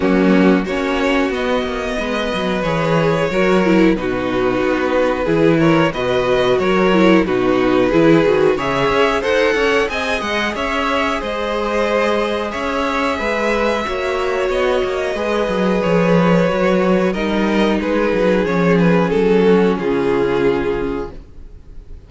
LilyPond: <<
  \new Staff \with { instrumentName = "violin" } { \time 4/4 \tempo 4 = 91 fis'4 cis''4 dis''2 | cis''2 b'2~ | b'8 cis''8 dis''4 cis''4 b'4~ | b'4 e''4 fis''4 gis''8 fis''8 |
e''4 dis''2 e''4~ | e''2 dis''2 | cis''2 dis''4 b'4 | cis''8 b'8 a'4 gis'2 | }
  \new Staff \with { instrumentName = "violin" } { \time 4/4 cis'4 fis'2 b'4~ | b'4 ais'4 fis'2 | gis'8 ais'8 b'4 ais'4 fis'4 | gis'4 cis''4 c''8 cis''8 dis''4 |
cis''4 c''2 cis''4 | b'4 cis''2 b'4~ | b'2 ais'4 gis'4~ | gis'4. fis'8 f'2 | }
  \new Staff \with { instrumentName = "viola" } { \time 4/4 ais4 cis'4 b2 | gis'4 fis'8 e'8 dis'2 | e'4 fis'4. e'8 dis'4 | e'8 fis'8 gis'4 a'4 gis'4~ |
gis'1~ | gis'4 fis'2 gis'4~ | gis'4 fis'4 dis'2 | cis'1 | }
  \new Staff \with { instrumentName = "cello" } { \time 4/4 fis4 ais4 b8 ais8 gis8 fis8 | e4 fis4 b,4 b4 | e4 b,4 fis4 b,4 | e8 dis8 cis8 cis'8 dis'8 cis'8 c'8 gis8 |
cis'4 gis2 cis'4 | gis4 ais4 b8 ais8 gis8 fis8 | f4 fis4 g4 gis8 fis8 | f4 fis4 cis2 | }
>>